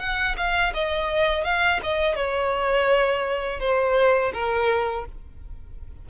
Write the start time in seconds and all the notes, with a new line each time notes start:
0.00 F#5
0.37 F5
0.74 D#5
1.45 F5
1.83 D#5
2.16 C#5
3.60 C5
4.34 A#4